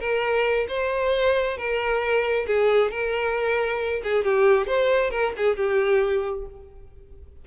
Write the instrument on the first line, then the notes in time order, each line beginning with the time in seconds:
violin
0.00 A#4
0.68 C5
1.58 A#4
2.47 G#4
2.91 A#4
4.03 G#4
4.24 G4
4.67 C5
5.11 A#4
5.37 G#4
5.57 G4